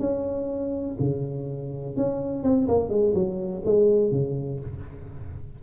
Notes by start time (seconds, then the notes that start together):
0.00 C#4
1.00 C#3
1.96 C#4
2.43 C4
2.68 A#3
2.89 G#3
3.15 F#3
3.65 G#3
4.12 C#3